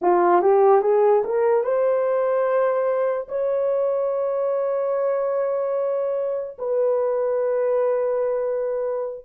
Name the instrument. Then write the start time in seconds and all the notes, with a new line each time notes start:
horn
0.01 F4
0.41 G4
0.81 G#4
1.24 A#4
1.63 C5
3.28 C#5
6.58 B4